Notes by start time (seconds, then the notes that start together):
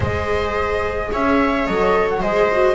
0.00 G#3 G#4 C5 D#5
1.11 C#4 C#5 E5
1.66 F#3 A4 D#5
2.09 F#5
2.20 G#3 G#4 C5 D#5
2.52 F#4